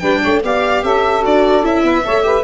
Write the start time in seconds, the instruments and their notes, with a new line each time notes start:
0.00 tuba G3, viola D4, saxophone B4, violin G5
0.22 tuba A3, saxophone C#5
0.43 tuba B3, viola G4, saxophone D5, violin F5
0.83 tuba C#4, saxophone A4, violin E5
1.23 tuba D4, viola F#4, violin D5
1.63 tuba C#4, viola E4, violin E5
1.84 tuba B3, saxophone B4
2.05 tuba A3, viola A4, saxophone C#5
2.23 viola G4, saxophone B4